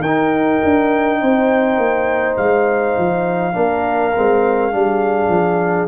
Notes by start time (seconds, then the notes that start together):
0.00 D#4 A#4 G5
0.64 D4
1.21 C4 C5
1.77 A#3
2.37 G#3 F5
2.97 F3
3.53 A#3 D4 A#4
4.15 G#3 C4
4.71 G3 D4 G#4
5.28 F3